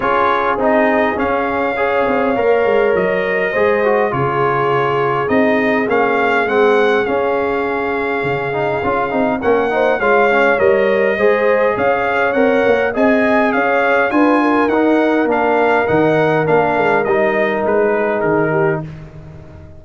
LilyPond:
<<
  \new Staff \with { instrumentName = "trumpet" } { \time 4/4 \tempo 4 = 102 cis''4 dis''4 f''2~ | f''4 dis''2 cis''4~ | cis''4 dis''4 f''4 fis''4 | f''1 |
fis''4 f''4 dis''2 | f''4 fis''4 gis''4 f''4 | gis''4 fis''4 f''4 fis''4 | f''4 dis''4 b'4 ais'4 | }
  \new Staff \with { instrumentName = "horn" } { \time 4/4 gis'2. cis''4~ | cis''2 c''4 gis'4~ | gis'1~ | gis'1 |
ais'8 c''8 cis''2 c''4 | cis''2 dis''4 cis''4 | b'8 ais'2.~ ais'8~ | ais'2~ ais'8 gis'4 g'8 | }
  \new Staff \with { instrumentName = "trombone" } { \time 4/4 f'4 dis'4 cis'4 gis'4 | ais'2 gis'8 fis'8 f'4~ | f'4 dis'4 cis'4 c'4 | cis'2~ cis'8 dis'8 f'8 dis'8 |
cis'8 dis'8 f'8 cis'8 ais'4 gis'4~ | gis'4 ais'4 gis'2 | f'4 dis'4 d'4 dis'4 | d'4 dis'2. | }
  \new Staff \with { instrumentName = "tuba" } { \time 4/4 cis'4 c'4 cis'4. c'8 | ais8 gis8 fis4 gis4 cis4~ | cis4 c'4 ais4 gis4 | cis'2 cis4 cis'8 c'8 |
ais4 gis4 g4 gis4 | cis'4 c'8 ais8 c'4 cis'4 | d'4 dis'4 ais4 dis4 | ais8 gis8 g4 gis4 dis4 | }
>>